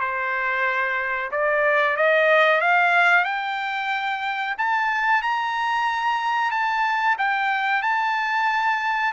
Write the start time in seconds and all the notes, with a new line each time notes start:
0.00 C5
1.31 D5
1.96 D#5
2.61 F5
3.25 G5
4.58 A5
5.22 A#5
6.51 A5
7.18 G5
7.82 A5